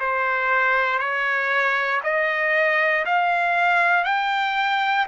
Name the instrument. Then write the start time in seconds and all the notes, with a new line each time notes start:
trumpet
0.00 C5
0.99 C#5
2.03 D#5
3.06 F5
4.04 G5